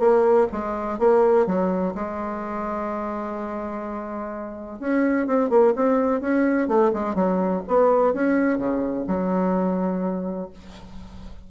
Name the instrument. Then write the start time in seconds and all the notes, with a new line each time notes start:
bassoon
0.00 A#3
0.52 G#3
0.99 A#3
1.47 F#3
1.95 G#3
4.80 C#4
5.27 C4
5.50 A#3
5.76 C4
6.21 C#4
6.68 A3
6.94 G#3
7.15 F#3
7.68 B3
8.14 C#4
8.59 C#3
9.08 F#3